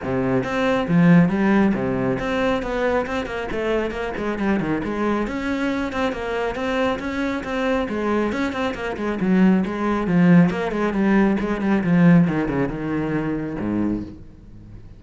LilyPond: \new Staff \with { instrumentName = "cello" } { \time 4/4 \tempo 4 = 137 c4 c'4 f4 g4 | c4 c'4 b4 c'8 ais8 | a4 ais8 gis8 g8 dis8 gis4 | cis'4. c'8 ais4 c'4 |
cis'4 c'4 gis4 cis'8 c'8 | ais8 gis8 fis4 gis4 f4 | ais8 gis8 g4 gis8 g8 f4 | dis8 cis8 dis2 gis,4 | }